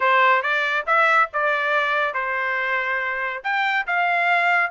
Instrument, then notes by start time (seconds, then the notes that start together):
trumpet
0.00 C5
0.42 D5
0.86 E5
1.33 D5
2.14 C5
3.43 G5
3.86 F5